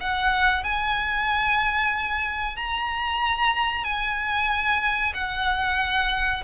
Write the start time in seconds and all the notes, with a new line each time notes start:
0.00 F#5
0.63 G#5
2.56 A#5
3.84 G#5
5.14 F#5